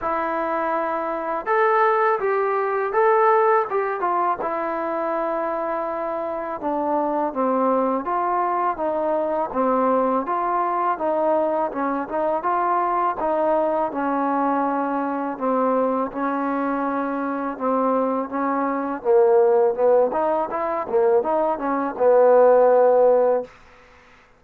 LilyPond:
\new Staff \with { instrumentName = "trombone" } { \time 4/4 \tempo 4 = 82 e'2 a'4 g'4 | a'4 g'8 f'8 e'2~ | e'4 d'4 c'4 f'4 | dis'4 c'4 f'4 dis'4 |
cis'8 dis'8 f'4 dis'4 cis'4~ | cis'4 c'4 cis'2 | c'4 cis'4 ais4 b8 dis'8 | e'8 ais8 dis'8 cis'8 b2 | }